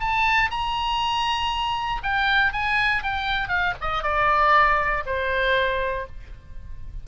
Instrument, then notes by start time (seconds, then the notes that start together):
oboe
0.00 A5
0.51 A#5
2.03 G5
2.53 G#5
3.03 G5
3.48 F5
3.81 D#5
4.03 D5
5.06 C5